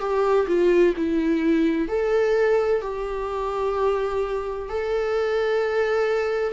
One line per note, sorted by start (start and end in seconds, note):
0.00 0.47 G4
0.47 0.94 F4
0.97 1.88 E4
1.88 2.82 A4
2.82 4.69 G4
4.69 6.53 A4